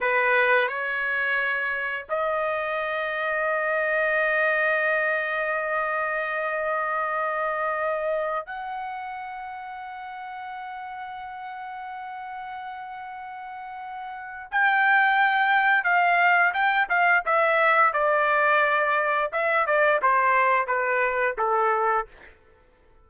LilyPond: \new Staff \with { instrumentName = "trumpet" } { \time 4/4 \tempo 4 = 87 b'4 cis''2 dis''4~ | dis''1~ | dis''1~ | dis''16 fis''2.~ fis''8.~ |
fis''1~ | fis''4 g''2 f''4 | g''8 f''8 e''4 d''2 | e''8 d''8 c''4 b'4 a'4 | }